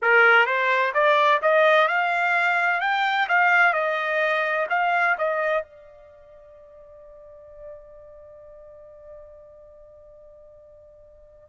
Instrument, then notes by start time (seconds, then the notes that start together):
trumpet
0.02 A#4
0.46 C5
0.94 D5
1.41 D#5
1.87 F5
2.80 G5
3.28 F5
3.73 D#5
4.69 F5
5.18 D#5
5.62 D5